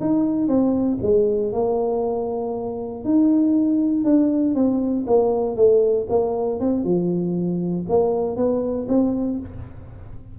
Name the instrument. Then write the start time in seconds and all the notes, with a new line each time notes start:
tuba
0.00 D#4
0.47 C4
1.02 G#3
1.52 A#3
3.04 D#4
4.04 D4
4.54 C4
5.07 A#3
5.56 A3
6.09 A#3
6.60 C4
6.84 F3
7.89 A#3
8.36 B3
8.88 C4